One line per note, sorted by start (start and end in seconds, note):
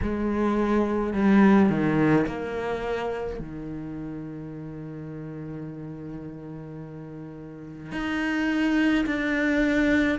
0.02 1.13 G#3
1.13 1.69 G3
1.69 2.26 D#3
2.26 3.39 A#3
3.39 7.91 D#3
7.91 9.05 D#4
9.06 10.19 D4